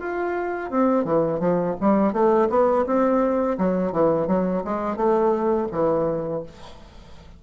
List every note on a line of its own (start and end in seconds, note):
0.00 0.71 F4
0.71 1.05 C4
1.05 1.40 E3
1.40 1.76 F3
1.81 2.13 G3
2.13 2.49 A3
2.50 2.86 B3
2.87 3.58 C4
3.58 3.93 F#3
3.93 4.28 E3
4.28 4.63 F#3
4.65 4.97 G#3
4.97 5.68 A3
5.72 6.44 E3